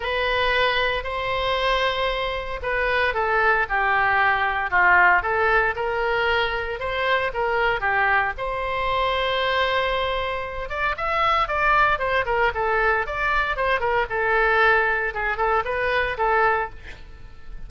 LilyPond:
\new Staff \with { instrumentName = "oboe" } { \time 4/4 \tempo 4 = 115 b'2 c''2~ | c''4 b'4 a'4 g'4~ | g'4 f'4 a'4 ais'4~ | ais'4 c''4 ais'4 g'4 |
c''1~ | c''8 d''8 e''4 d''4 c''8 ais'8 | a'4 d''4 c''8 ais'8 a'4~ | a'4 gis'8 a'8 b'4 a'4 | }